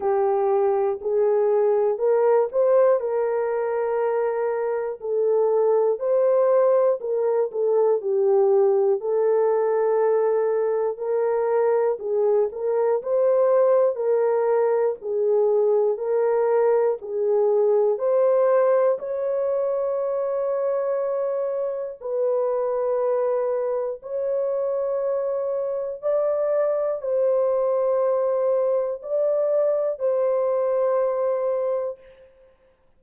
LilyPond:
\new Staff \with { instrumentName = "horn" } { \time 4/4 \tempo 4 = 60 g'4 gis'4 ais'8 c''8 ais'4~ | ais'4 a'4 c''4 ais'8 a'8 | g'4 a'2 ais'4 | gis'8 ais'8 c''4 ais'4 gis'4 |
ais'4 gis'4 c''4 cis''4~ | cis''2 b'2 | cis''2 d''4 c''4~ | c''4 d''4 c''2 | }